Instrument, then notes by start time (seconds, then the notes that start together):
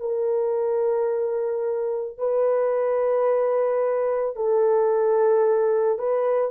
horn
0.00 A#4
2.18 B4
4.36 A4
5.99 B4